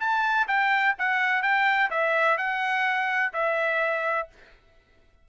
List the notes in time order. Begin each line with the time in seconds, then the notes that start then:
0.00 A5
0.48 G5
0.99 F#5
1.43 G5
1.90 E5
2.38 F#5
3.34 E5